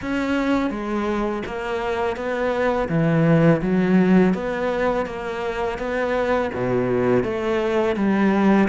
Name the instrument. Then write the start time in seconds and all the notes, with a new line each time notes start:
cello
0.01 C#4
0.70 G#3
1.46 A#3
2.16 B3
2.88 E3
3.61 F#3
4.34 B3
5.06 A#3
5.78 B3
6.53 B2
7.23 A3
7.96 G3